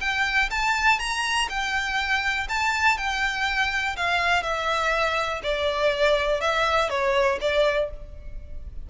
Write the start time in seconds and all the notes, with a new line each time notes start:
0.00 G5
0.50 A5
0.99 A#5
1.49 G5
2.49 A5
2.98 G5
3.96 F5
4.43 E5
5.43 D5
6.41 E5
6.89 C#5
7.41 D5